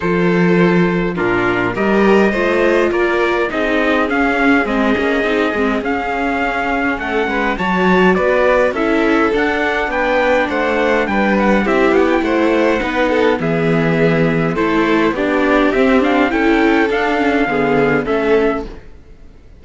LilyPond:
<<
  \new Staff \with { instrumentName = "trumpet" } { \time 4/4 \tempo 4 = 103 c''2 ais'4 dis''4~ | dis''4 d''4 dis''4 f''4 | dis''2 f''2 | fis''4 a''4 d''4 e''4 |
fis''4 g''4 fis''4 g''8 fis''8 | e''8 fis''16 g''16 fis''2 e''4~ | e''4 c''4 d''4 e''8 f''8 | g''4 f''2 e''4 | }
  \new Staff \with { instrumentName = "violin" } { \time 4/4 a'2 f'4 ais'4 | c''4 ais'4 gis'2~ | gis'1 | a'8 b'8 cis''4 b'4 a'4~ |
a'4 b'4 c''4 b'4 | g'4 c''4 b'8 a'8 gis'4~ | gis'4 a'4 g'2 | a'2 gis'4 a'4 | }
  \new Staff \with { instrumentName = "viola" } { \time 4/4 f'2 d'4 g'4 | f'2 dis'4 cis'4 | c'8 cis'8 dis'8 c'8 cis'2~ | cis'4 fis'2 e'4 |
d'1 | e'2 dis'4 b4~ | b4 e'4 d'4 c'8 d'8 | e'4 d'8 cis'8 b4 cis'4 | }
  \new Staff \with { instrumentName = "cello" } { \time 4/4 f2 ais,4 g4 | a4 ais4 c'4 cis'4 | gis8 ais8 c'8 gis8 cis'2 | a8 gis8 fis4 b4 cis'4 |
d'4 b4 a4 g4 | c'8 b8 a4 b4 e4~ | e4 a4 b4 c'4 | cis'4 d'4 d4 a4 | }
>>